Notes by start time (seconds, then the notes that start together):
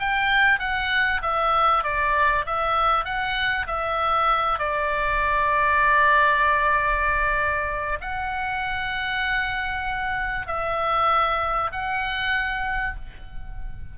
0.00 G5
0.60 F#5
1.23 E5
1.84 D5
2.46 E5
3.05 F#5
3.67 E5
4.59 D5
8.01 F#5
10.47 E5
11.72 F#5